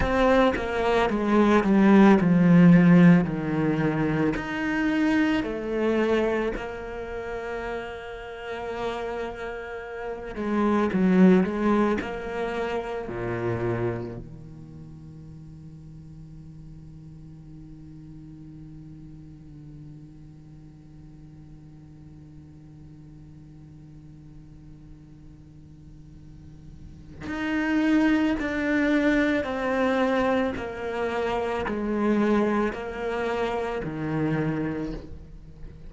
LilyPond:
\new Staff \with { instrumentName = "cello" } { \time 4/4 \tempo 4 = 55 c'8 ais8 gis8 g8 f4 dis4 | dis'4 a4 ais2~ | ais4. gis8 fis8 gis8 ais4 | ais,4 dis2.~ |
dis1~ | dis1~ | dis4 dis'4 d'4 c'4 | ais4 gis4 ais4 dis4 | }